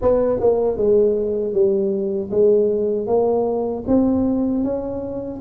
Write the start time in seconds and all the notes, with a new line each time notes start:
0.01 B3
0.40 A#3
0.77 G#3
1.53 G3
2.30 G#3
3.07 A#3
3.87 C4
4.64 C#4